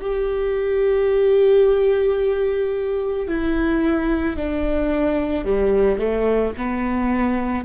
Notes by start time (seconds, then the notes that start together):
0.00 G4
3.27 E4
4.36 D4
5.45 G3
5.99 A3
6.57 B3